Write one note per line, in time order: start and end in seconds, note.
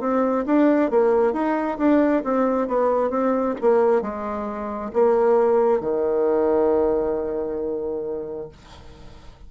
0.00 0.45 C4
0.46 0.91 D4
0.91 1.33 A#3
1.33 1.78 D#4
1.78 2.23 D4
2.24 2.68 C4
2.68 3.10 B3
3.10 3.55 C4
3.61 4.02 A#3
4.02 4.91 G#3
4.93 5.80 A#3
5.80 8.49 D#3